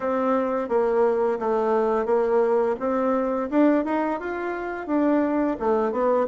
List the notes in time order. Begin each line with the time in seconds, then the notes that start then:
0.00 C4
0.68 A#3
1.39 A3
2.05 A#3
2.79 C4
3.50 D4
3.85 D#4
4.20 F4
4.86 D4
5.59 A3
5.91 B3